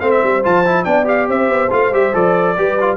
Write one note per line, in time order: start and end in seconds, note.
0.00 0.22 A3
0.00 0.43 C4
0.00 0.86 C5
0.00 0.10 F5
0.10 0.42 E5
0.23 0.44 G3
0.43 0.85 F3
0.43 0.64 F4
0.43 0.84 A5
0.65 0.84 E4
0.84 1.28 B3
0.84 1.04 D4
0.84 1.28 D5
0.84 1.05 G5
1.04 1.68 G4
1.04 1.29 F5
1.28 1.48 C4
1.28 2.56 C5
1.28 1.72 E5
1.48 1.70 B3
1.70 1.90 A3
1.70 1.91 F4
1.70 1.93 F5
1.90 2.12 G3
1.90 2.12 G4
1.90 2.15 E5
2.12 2.57 F3
2.12 2.55 A4
2.12 2.96 D5
2.56 2.96 G3
2.56 2.78 G4
2.56 2.96 B4
2.80 2.96 F4